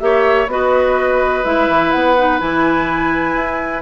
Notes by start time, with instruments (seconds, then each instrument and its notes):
0.00 bassoon A#3, clarinet G4, oboe C#5, flute E5
0.47 bassoon B3, clarinet F#4, oboe B4, flute D#5
1.44 bassoon G#3, clarinet E4, flute E5
1.69 bassoon E3
1.92 bassoon B3, flute F#5
2.17 clarinet D#4
2.39 bassoon E3, clarinet E4, flute G#5
3.35 bassoon E4